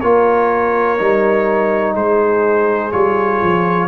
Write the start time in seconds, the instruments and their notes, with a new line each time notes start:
0.00 tuba A#3, trombone F4, horn A#4, trumpet C#5
0.97 tuba G3, trombone D#4
1.93 tuba G#3, horn G#4, trumpet C5
2.91 tuba G3, trombone F4, trumpet C#5
3.41 tuba F3